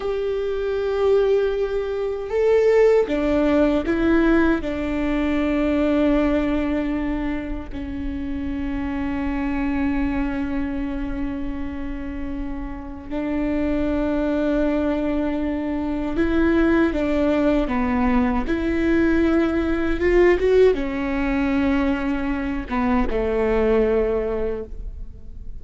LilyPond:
\new Staff \with { instrumentName = "viola" } { \time 4/4 \tempo 4 = 78 g'2. a'4 | d'4 e'4 d'2~ | d'2 cis'2~ | cis'1~ |
cis'4 d'2.~ | d'4 e'4 d'4 b4 | e'2 f'8 fis'8 cis'4~ | cis'4. b8 a2 | }